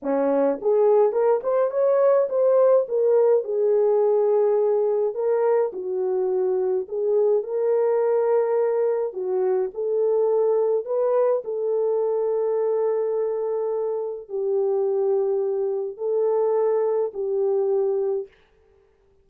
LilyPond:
\new Staff \with { instrumentName = "horn" } { \time 4/4 \tempo 4 = 105 cis'4 gis'4 ais'8 c''8 cis''4 | c''4 ais'4 gis'2~ | gis'4 ais'4 fis'2 | gis'4 ais'2. |
fis'4 a'2 b'4 | a'1~ | a'4 g'2. | a'2 g'2 | }